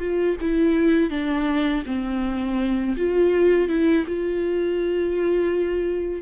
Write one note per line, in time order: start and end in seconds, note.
0.00 0.37 F4
0.41 1.10 E4
1.10 1.83 D4
1.86 2.96 C4
2.97 3.69 F4
3.69 4.05 E4
4.07 6.22 F4